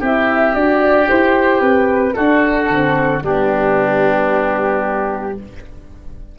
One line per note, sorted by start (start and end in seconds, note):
0.00 0.55 C4
0.00 0.55 E4
0.00 2.14 G4
0.00 0.55 E5
0.55 1.08 D4
0.55 1.06 F#4
0.55 1.08 D5
1.06 1.61 E4
1.06 2.13 G4
1.06 1.61 C5
1.61 2.15 C4
1.61 2.14 B4
2.14 2.69 D4
2.14 2.70 D4
2.14 3.24 F#4
2.14 3.21 A4
2.70 3.23 D3
2.70 3.23 C4
3.23 5.37 G3
3.23 5.38 B3
3.23 5.39 D4
3.23 5.40 G4